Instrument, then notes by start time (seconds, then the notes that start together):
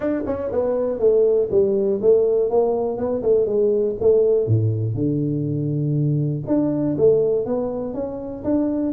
tuba
0.00 D4
0.26 C#4
0.52 B3
0.99 A3
1.50 G3
2.01 A3
2.50 A#3
2.97 B3
3.22 A3
3.46 G#3
4.00 A3
4.47 A2
4.94 D3
6.46 D4
6.97 A3
7.45 B3
7.94 C#4
8.44 D4